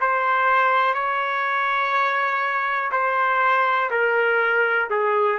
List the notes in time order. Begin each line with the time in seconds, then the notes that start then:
0.00 C5
0.93 C#5
2.91 C5
3.90 A#4
4.90 G#4